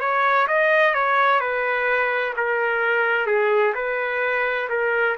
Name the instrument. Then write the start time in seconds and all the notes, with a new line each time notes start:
trumpet
0.00 C#5
0.47 D#5
0.94 C#5
1.40 B4
2.36 A#4
3.26 G#4
3.75 B4
4.69 A#4